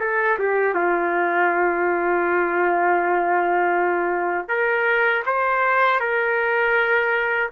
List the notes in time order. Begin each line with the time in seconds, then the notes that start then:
0.00 A4
0.39 G4
0.74 F4
4.48 A#4
5.26 C5
6.00 A#4